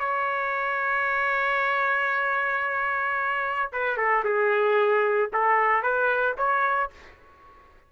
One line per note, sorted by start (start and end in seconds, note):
0.00 3.72 C#5
3.73 3.98 B4
3.98 4.24 A4
4.25 5.31 G#4
5.33 5.83 A4
5.83 6.36 B4
6.38 6.91 C#5